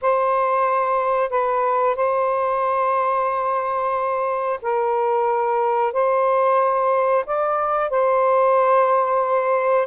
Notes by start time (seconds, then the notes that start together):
0.01 C5
1.30 B4
1.95 C5
4.62 A#4
5.93 C5
7.25 D5
7.89 C5